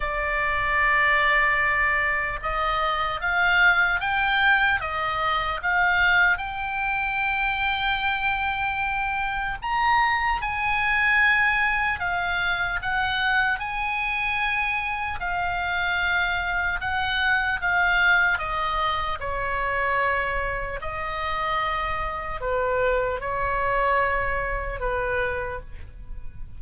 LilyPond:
\new Staff \with { instrumentName = "oboe" } { \time 4/4 \tempo 4 = 75 d''2. dis''4 | f''4 g''4 dis''4 f''4 | g''1 | ais''4 gis''2 f''4 |
fis''4 gis''2 f''4~ | f''4 fis''4 f''4 dis''4 | cis''2 dis''2 | b'4 cis''2 b'4 | }